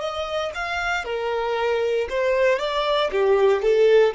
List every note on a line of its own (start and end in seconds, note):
0.00 0.52 D#5
0.55 1.04 F5
1.04 2.08 A#4
2.09 2.59 C5
2.59 3.10 D5
3.11 3.62 G4
3.62 4.14 A4